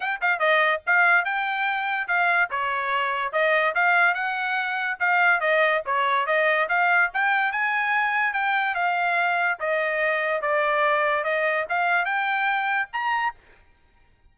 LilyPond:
\new Staff \with { instrumentName = "trumpet" } { \time 4/4 \tempo 4 = 144 g''8 f''8 dis''4 f''4 g''4~ | g''4 f''4 cis''2 | dis''4 f''4 fis''2 | f''4 dis''4 cis''4 dis''4 |
f''4 g''4 gis''2 | g''4 f''2 dis''4~ | dis''4 d''2 dis''4 | f''4 g''2 ais''4 | }